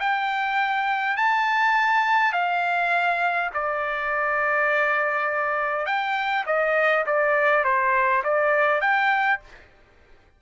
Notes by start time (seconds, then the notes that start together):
0.00 G5
1.17 A5
2.33 F5
3.54 D5
5.86 G5
6.46 D#5
7.06 D5
7.64 C5
8.24 D5
8.81 G5